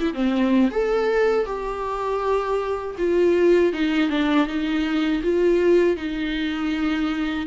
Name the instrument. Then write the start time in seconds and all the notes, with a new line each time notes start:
viola
0.00 E4
0.14 C4
0.71 A4
1.46 G4
2.98 F4
3.73 D#4
4.10 D4
4.47 D#4
5.23 F4
5.97 D#4